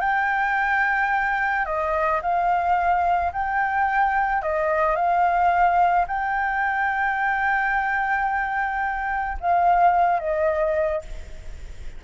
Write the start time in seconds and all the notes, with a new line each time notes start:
0.00 G5
1.65 D#5
2.22 F5
3.32 G5
4.42 D#5
4.95 F5
6.07 G5
9.40 F5
10.19 D#5